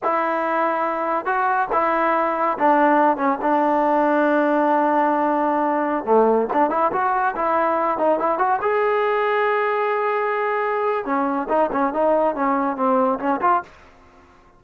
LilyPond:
\new Staff \with { instrumentName = "trombone" } { \time 4/4 \tempo 4 = 141 e'2. fis'4 | e'2 d'4. cis'8 | d'1~ | d'2~ d'16 a4 d'8 e'16~ |
e'16 fis'4 e'4. dis'8 e'8 fis'16~ | fis'16 gis'2.~ gis'8.~ | gis'2 cis'4 dis'8 cis'8 | dis'4 cis'4 c'4 cis'8 f'8 | }